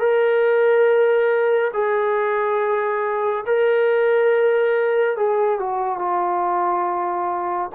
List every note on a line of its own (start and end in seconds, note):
0.00 1.71 A#4
1.73 3.45 G#4
3.46 5.17 A#4
5.17 5.59 G#4
5.59 5.99 F#4
5.99 7.70 F4